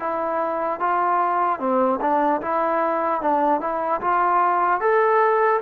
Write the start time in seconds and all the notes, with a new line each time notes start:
0.00 E4
0.80 F4
1.59 C4
2.01 D4
2.41 E4
3.21 D4
3.61 E4
4.01 F4
4.81 A4